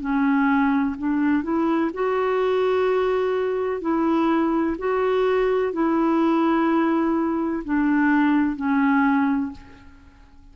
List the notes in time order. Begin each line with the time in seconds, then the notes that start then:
0.00 C#4
0.97 D4
1.43 E4
1.93 F#4
3.81 E4
4.78 F#4
5.73 E4
7.64 D4
8.56 C#4